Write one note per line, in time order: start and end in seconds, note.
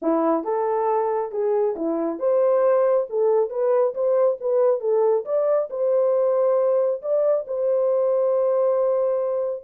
0.01 0.44 E4
0.44 1.31 A4
1.31 1.75 G#4
1.75 2.19 E4
2.19 3.06 C5
3.09 3.50 A4
3.50 3.94 B4
3.94 4.38 C5
4.40 4.80 B4
4.80 5.24 A4
5.25 5.69 D5
5.70 7.01 C5
7.02 7.45 D5
7.47 9.64 C5